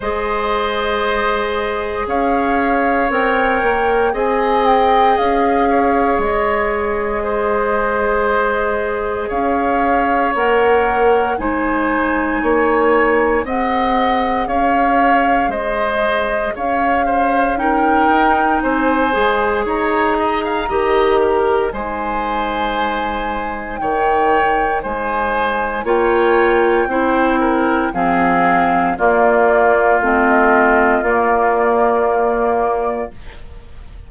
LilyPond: <<
  \new Staff \with { instrumentName = "flute" } { \time 4/4 \tempo 4 = 58 dis''2 f''4 g''4 | gis''8 g''8 f''4 dis''2~ | dis''4 f''4 fis''4 gis''4~ | gis''4 fis''4 f''4 dis''4 |
f''4 g''4 gis''4 ais''4~ | ais''4 gis''2 g''4 | gis''4 g''2 f''4 | d''4 dis''4 d''2 | }
  \new Staff \with { instrumentName = "oboe" } { \time 4/4 c''2 cis''2 | dis''4. cis''4. c''4~ | c''4 cis''2 c''4 | cis''4 dis''4 cis''4 c''4 |
cis''8 c''8 ais'4 c''4 cis''8 dis''16 f''16 | dis''8 ais'8 c''2 cis''4 | c''4 cis''4 c''8 ais'8 gis'4 | f'1 | }
  \new Staff \with { instrumentName = "clarinet" } { \time 4/4 gis'2. ais'4 | gis'1~ | gis'2 ais'4 dis'4~ | dis'4 gis'2.~ |
gis'4 dis'4. gis'4. | g'4 dis'2.~ | dis'4 f'4 e'4 c'4 | ais4 c'4 ais2 | }
  \new Staff \with { instrumentName = "bassoon" } { \time 4/4 gis2 cis'4 c'8 ais8 | c'4 cis'4 gis2~ | gis4 cis'4 ais4 gis4 | ais4 c'4 cis'4 gis4 |
cis'4. dis'8 c'8 gis8 dis'4 | dis4 gis2 dis4 | gis4 ais4 c'4 f4 | ais4 a4 ais2 | }
>>